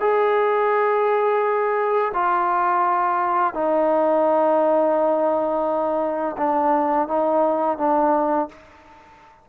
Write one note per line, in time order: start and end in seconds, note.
0.00 2.12 G#4
2.14 3.54 F4
3.54 6.36 D#4
6.37 7.07 D4
7.07 7.78 D#4
7.78 8.48 D4